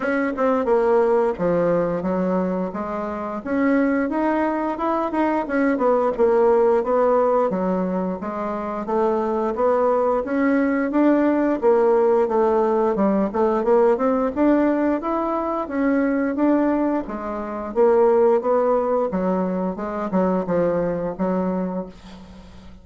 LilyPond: \new Staff \with { instrumentName = "bassoon" } { \time 4/4 \tempo 4 = 88 cis'8 c'8 ais4 f4 fis4 | gis4 cis'4 dis'4 e'8 dis'8 | cis'8 b8 ais4 b4 fis4 | gis4 a4 b4 cis'4 |
d'4 ais4 a4 g8 a8 | ais8 c'8 d'4 e'4 cis'4 | d'4 gis4 ais4 b4 | fis4 gis8 fis8 f4 fis4 | }